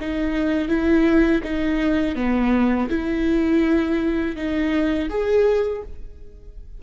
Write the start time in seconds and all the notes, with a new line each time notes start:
0.00 D#4
0.68 E4
1.43 D#4
2.15 B3
2.89 E4
4.36 D#4
5.09 G#4